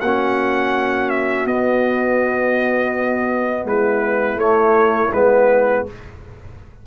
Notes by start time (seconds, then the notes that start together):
0.00 A#3 C#4 F#4 F#5
1.09 E5
1.45 B3 D#5
3.64 G#3 E4 B4
4.36 A3 C#5
5.12 G#3 B3 B4